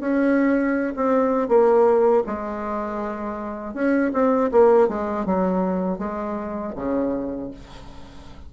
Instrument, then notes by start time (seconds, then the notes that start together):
bassoon
0.00 C#4
0.96 C4
1.48 A#3
2.26 G#3
3.74 C#4
4.13 C4
4.51 A#3
4.88 G#3
5.26 F#3
5.99 G#3
6.76 C#3